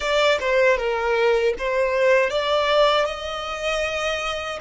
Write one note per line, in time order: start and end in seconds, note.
0.00 0.38 D5
0.40 0.77 C5
0.77 1.54 A#4
1.58 2.30 C5
2.30 3.05 D5
3.05 4.59 D#5